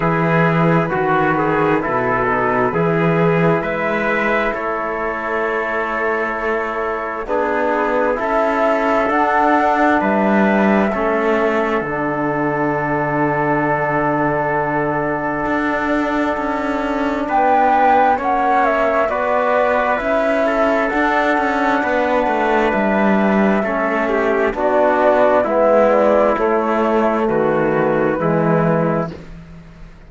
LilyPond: <<
  \new Staff \with { instrumentName = "flute" } { \time 4/4 \tempo 4 = 66 b'1 | e''4 cis''2. | b'4 e''4 fis''4 e''4~ | e''4 fis''2.~ |
fis''2. g''4 | fis''8 e''8 d''4 e''4 fis''4~ | fis''4 e''2 d''4 | e''8 d''8 cis''4 b'2 | }
  \new Staff \with { instrumentName = "trumpet" } { \time 4/4 gis'4 fis'8 gis'8 a'4 gis'4 | b'4 a'2. | gis'4 a'2 b'4 | a'1~ |
a'2. b'4 | cis''4 b'4. a'4. | b'2 a'8 g'8 fis'4 | e'2 fis'4 e'4 | }
  \new Staff \with { instrumentName = "trombone" } { \time 4/4 e'4 fis'4 e'8 dis'8 e'4~ | e'1 | d'4 e'4 d'2 | cis'4 d'2.~ |
d'1 | cis'4 fis'4 e'4 d'4~ | d'2 cis'4 d'4 | b4 a2 gis4 | }
  \new Staff \with { instrumentName = "cello" } { \time 4/4 e4 dis4 b,4 e4 | gis4 a2. | b4 cis'4 d'4 g4 | a4 d2.~ |
d4 d'4 cis'4 b4 | ais4 b4 cis'4 d'8 cis'8 | b8 a8 g4 a4 b4 | gis4 a4 dis4 e4 | }
>>